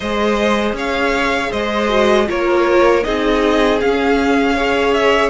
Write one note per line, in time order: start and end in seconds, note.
0.00 0.72 G#3
0.00 1.88 G#4
0.00 0.76 C5
0.00 0.74 D#5
0.72 1.48 C#4
0.72 1.50 C#5
0.72 1.52 F5
1.50 2.28 G#3
1.50 2.26 C5
1.50 2.28 D#5
1.88 2.26 F#4
2.27 3.05 A#3
2.27 3.03 F4
2.27 3.05 A#4
2.27 3.03 C#5
3.03 3.82 C4
3.03 3.79 D#4
3.03 4.55 G#4
3.03 3.79 D#5
3.80 4.56 C#4
3.80 5.29 C#4
3.80 4.93 F5
4.55 5.29 G#4
4.55 5.29 C#5
4.93 5.29 E5